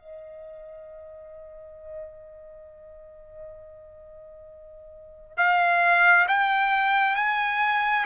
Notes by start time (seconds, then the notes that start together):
0.00 D#5
5.37 F5
6.28 G5
7.16 G#5